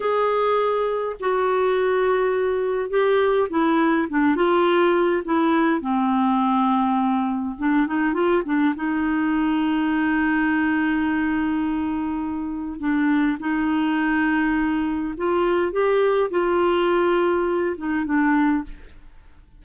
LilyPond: \new Staff \with { instrumentName = "clarinet" } { \time 4/4 \tempo 4 = 103 gis'2 fis'2~ | fis'4 g'4 e'4 d'8 f'8~ | f'4 e'4 c'2~ | c'4 d'8 dis'8 f'8 d'8 dis'4~ |
dis'1~ | dis'2 d'4 dis'4~ | dis'2 f'4 g'4 | f'2~ f'8 dis'8 d'4 | }